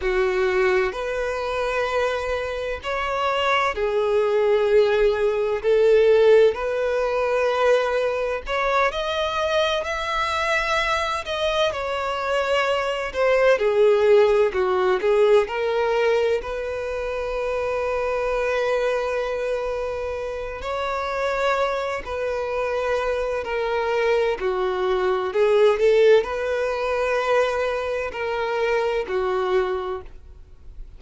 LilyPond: \new Staff \with { instrumentName = "violin" } { \time 4/4 \tempo 4 = 64 fis'4 b'2 cis''4 | gis'2 a'4 b'4~ | b'4 cis''8 dis''4 e''4. | dis''8 cis''4. c''8 gis'4 fis'8 |
gis'8 ais'4 b'2~ b'8~ | b'2 cis''4. b'8~ | b'4 ais'4 fis'4 gis'8 a'8 | b'2 ais'4 fis'4 | }